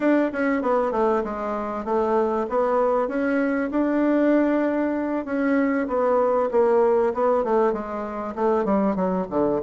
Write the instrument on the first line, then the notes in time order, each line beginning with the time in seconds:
bassoon
0.00 D4
0.32 C#4
0.62 B3
0.91 A3
1.23 G#3
1.84 A3
2.49 B3
3.08 C#4
3.70 D4
5.25 C#4
5.87 B3
6.51 A#3
7.14 B3
7.44 A3
7.72 G#3
8.35 A3
8.64 G3
8.95 F#3
9.30 D3